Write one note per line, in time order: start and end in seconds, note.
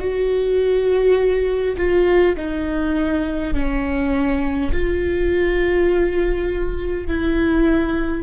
0.00 1.76 F#4
1.78 2.36 F4
2.37 3.54 D#4
3.54 4.72 C#4
4.72 7.07 F4
7.07 8.24 E4